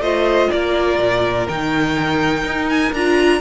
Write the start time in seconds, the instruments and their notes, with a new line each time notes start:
0.00 cello A3, viola F4, violin C5 D#5
0.51 cello A#3, violin A#4 D5
1.00 cello A#2
1.48 cello D#3, viola D#4, violin G5
2.44 cello D#4
2.69 violin G#5
2.93 cello D4, viola F4, violin A#5